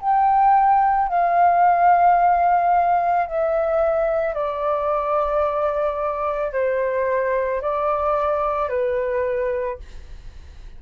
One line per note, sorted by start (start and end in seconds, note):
0.00 1.08 G5
1.08 3.26 F5
3.27 4.34 E5
4.34 6.53 D5
6.53 7.62 C5
7.62 8.69 D5
8.69 9.78 B4